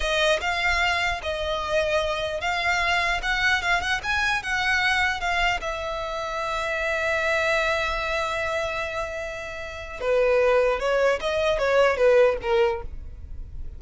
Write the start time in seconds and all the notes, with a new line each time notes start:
0.00 D#5
0.40 F5
1.22 D#5
2.40 F5
3.22 F#5
3.62 F5
3.80 F#5
4.03 G#5
4.42 F#5
5.20 F5
5.60 E5
10.00 B4
10.79 C#5
11.20 D#5
11.58 C#5
11.96 B4
12.42 A#4